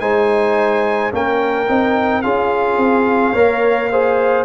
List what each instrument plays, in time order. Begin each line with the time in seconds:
0.00 tuba G#3, trombone D#4, horn C5, trumpet G#5
1.11 tuba A#3, trombone C#4, horn A#4, trumpet G5
1.69 tuba C4, trombone D#4
2.22 tuba C#4, trombone F4, horn G#4, trumpet F5
2.77 tuba C4
3.33 tuba A#3, trombone A#4, horn C#5
3.91 trombone G#4, horn C5